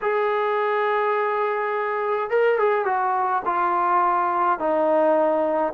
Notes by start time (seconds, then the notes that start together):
0.01 G#4
2.30 A#4
2.58 G#4
2.85 F#4
3.45 F4
4.59 D#4